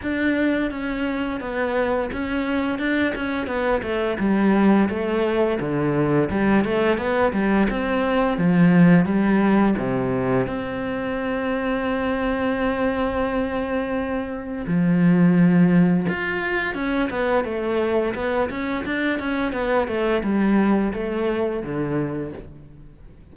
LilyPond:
\new Staff \with { instrumentName = "cello" } { \time 4/4 \tempo 4 = 86 d'4 cis'4 b4 cis'4 | d'8 cis'8 b8 a8 g4 a4 | d4 g8 a8 b8 g8 c'4 | f4 g4 c4 c'4~ |
c'1~ | c'4 f2 f'4 | cis'8 b8 a4 b8 cis'8 d'8 cis'8 | b8 a8 g4 a4 d4 | }